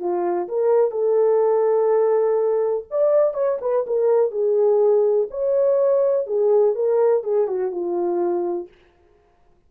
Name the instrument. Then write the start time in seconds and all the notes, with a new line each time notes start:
horn
0.00 F4
0.49 A#4
0.91 A4
2.91 D5
3.35 C#5
3.62 B4
3.87 A#4
4.32 G#4
5.31 C#5
6.27 G#4
6.76 A#4
7.24 G#4
7.48 F#4
7.72 F4